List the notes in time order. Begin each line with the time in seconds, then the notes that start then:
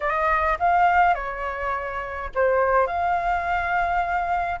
0.00 D#5
0.59 F5
1.14 C#5
2.34 C5
2.86 F5